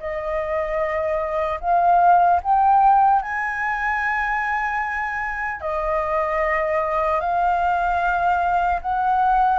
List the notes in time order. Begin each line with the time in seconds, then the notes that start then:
0.00 D#5
1.61 F5
2.43 G5
3.23 G#5
5.61 D#5
7.21 F5
8.82 F#5